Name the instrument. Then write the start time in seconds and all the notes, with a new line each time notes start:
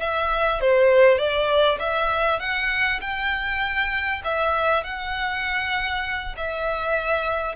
violin
0.00 E5
0.61 C5
1.18 D5
1.80 E5
2.40 F#5
3.01 G5
4.25 E5
4.84 F#5
6.37 E5